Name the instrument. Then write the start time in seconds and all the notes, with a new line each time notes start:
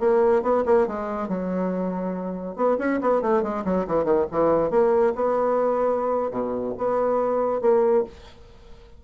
bassoon
0.00 A#3
0.43 B3
0.66 A#3
0.87 G#3
1.29 F#3
2.56 B3
2.79 C#4
3.02 B3
3.22 A3
3.43 G#3
3.65 F#3
3.87 E3
4.05 D#3
4.31 E3
4.71 A#3
5.16 B3
6.31 B2
6.78 B3
7.61 A#3